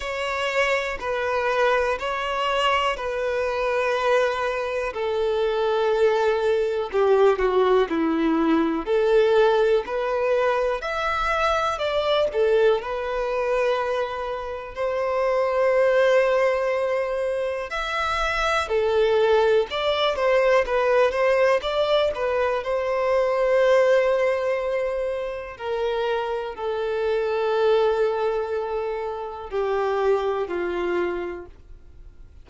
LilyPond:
\new Staff \with { instrumentName = "violin" } { \time 4/4 \tempo 4 = 61 cis''4 b'4 cis''4 b'4~ | b'4 a'2 g'8 fis'8 | e'4 a'4 b'4 e''4 | d''8 a'8 b'2 c''4~ |
c''2 e''4 a'4 | d''8 c''8 b'8 c''8 d''8 b'8 c''4~ | c''2 ais'4 a'4~ | a'2 g'4 f'4 | }